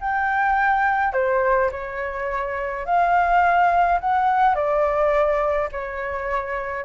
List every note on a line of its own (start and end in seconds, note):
0.00 1.13 G5
1.13 1.70 C5
1.71 2.85 C#5
2.85 3.99 F5
4.00 4.55 F#5
4.55 5.69 D5
5.71 6.84 C#5